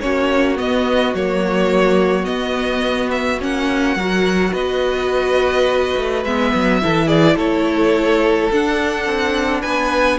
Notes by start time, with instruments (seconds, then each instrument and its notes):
0.00 cello A#3, viola C#4, violin F#4 C#5
0.56 viola B3, cello B3, violin D#5
1.14 cello F#3, viola A#3, violin C#5
2.24 viola B3, cello B3, violin D#5
3.11 violin E5
3.40 cello A#3, viola C#4, violin F#5
3.96 cello F#3, viola F#4, violin A#4
4.52 cello B3, violin B4 D#5
5.96 cello A3
6.24 cello G#3, viola B3, violin E5
6.54 cello F#3
6.82 cello E3, viola E4, violin A4
7.06 violin G#4 D5
7.35 cello A3, violin A4 C#5
8.51 cello D4, viola D4, violin F#5
9.05 cello C4
9.61 cello B3, violin B4 G#5